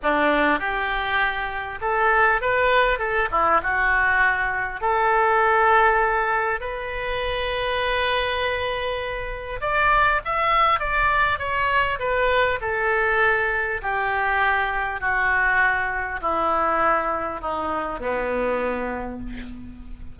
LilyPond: \new Staff \with { instrumentName = "oboe" } { \time 4/4 \tempo 4 = 100 d'4 g'2 a'4 | b'4 a'8 e'8 fis'2 | a'2. b'4~ | b'1 |
d''4 e''4 d''4 cis''4 | b'4 a'2 g'4~ | g'4 fis'2 e'4~ | e'4 dis'4 b2 | }